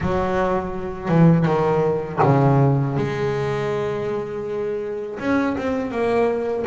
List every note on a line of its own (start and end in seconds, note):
0.00 1.08 F#3
1.08 1.45 E3
1.45 2.19 D#3
2.23 2.96 C#3
2.96 5.19 G#3
5.19 5.56 C#4
5.57 5.91 C4
5.91 6.65 A#3